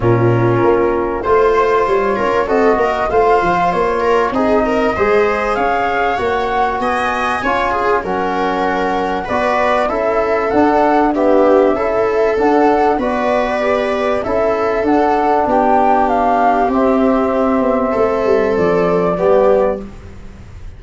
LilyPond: <<
  \new Staff \with { instrumentName = "flute" } { \time 4/4 \tempo 4 = 97 ais'2 c''4 cis''4 | dis''4 f''4 cis''4 dis''4~ | dis''4 f''4 fis''4 gis''4~ | gis''4 fis''2 d''4 |
e''4 fis''4 e''2 | fis''4 d''2 e''4 | fis''4 g''4 f''4 e''4~ | e''2 d''2 | }
  \new Staff \with { instrumentName = "viola" } { \time 4/4 f'2 c''4. ais'8 | a'8 ais'8 c''4. ais'8 gis'8 ais'8 | c''4 cis''2 dis''4 | cis''8 gis'8 ais'2 b'4 |
a'2 g'4 a'4~ | a'4 b'2 a'4~ | a'4 g'2.~ | g'4 a'2 g'4 | }
  \new Staff \with { instrumentName = "trombone" } { \time 4/4 cis'2 f'2 | fis'4 f'2 dis'4 | gis'2 fis'2 | f'4 cis'2 fis'4 |
e'4 d'4 b4 e'4 | d'4 fis'4 g'4 e'4 | d'2. c'4~ | c'2. b4 | }
  \new Staff \with { instrumentName = "tuba" } { \time 4/4 ais,4 ais4 a4 g8 cis'8 | c'8 ais8 a8 f8 ais4 c'4 | gis4 cis'4 ais4 b4 | cis'4 fis2 b4 |
cis'4 d'2 cis'4 | d'4 b2 cis'4 | d'4 b2 c'4~ | c'8 b8 a8 g8 f4 g4 | }
>>